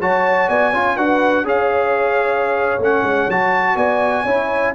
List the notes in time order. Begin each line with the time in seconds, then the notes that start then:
0.00 F#3 F#4 C#5 A5
0.48 B3 D5 G#5
0.72 C#4 F4 C#5
0.96 D4 F#4 B4 F#5
1.44 C#4 G#4 C#5 F5
2.78 A3 C#4 F#5
3.03 G#3
3.28 F#3 F#4 A5
3.75 B3 D5 G#5
4.23 C#4 E4 C#5